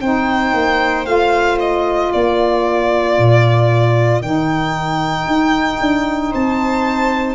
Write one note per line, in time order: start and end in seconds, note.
0.00 0.53 C4
0.00 1.05 D#4
0.00 2.11 C5
0.00 1.05 G5
0.53 1.05 A#3
1.05 2.11 A3
1.05 4.21 F4
1.05 1.58 F5
1.59 2.12 D#5
2.11 3.18 A#3
2.11 6.31 A#4
2.11 4.22 D5
3.18 4.22 A#2
4.22 5.26 D#3
4.22 7.35 D#4
4.22 6.32 G5
5.26 5.79 D#4
5.80 6.33 D4
6.31 7.35 C4
6.31 7.35 C5
6.31 7.35 A5